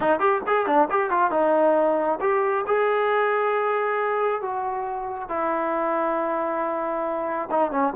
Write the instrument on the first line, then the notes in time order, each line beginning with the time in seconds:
trombone
0.00 D#4
0.19 G4
0.46 G#4
0.66 D4
0.90 G4
1.10 F4
1.30 D#4
2.21 G4
2.66 G#4
4.41 F#4
5.28 E4
7.50 D#4
7.71 C#4